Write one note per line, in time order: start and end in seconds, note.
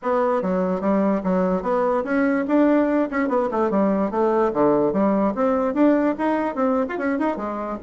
0.02 0.41 B3
0.41 0.80 F#3
0.80 1.21 G3
1.23 1.62 F#3
1.62 2.03 B3
2.04 2.45 C#4
2.47 3.09 D4
3.10 3.28 C#4
3.28 3.49 B3
3.51 3.70 A3
3.70 4.10 G3
4.10 4.51 A3
4.53 4.92 D3
4.92 5.33 G3
5.34 5.74 C4
5.74 6.15 D4
6.18 6.55 D#4
6.55 6.85 C4
6.88 6.98 F4
6.98 7.18 C#4
7.18 7.36 D#4
7.36 7.77 G#3